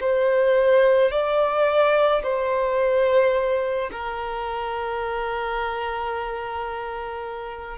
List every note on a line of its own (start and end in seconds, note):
0.00 1.11 C5
1.11 2.22 D5
2.23 3.90 C5
3.91 7.78 A#4